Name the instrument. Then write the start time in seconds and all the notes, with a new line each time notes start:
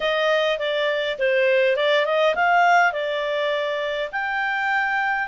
clarinet
0.00 D#5
0.58 D5
1.18 C5
1.76 D5
2.05 D#5
2.35 F5
2.92 D5
4.12 G5